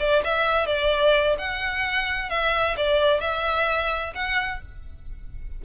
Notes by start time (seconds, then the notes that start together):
0.00 D5
0.24 E5
0.67 D5
1.39 F#5
2.30 E5
2.77 D5
3.21 E5
4.15 F#5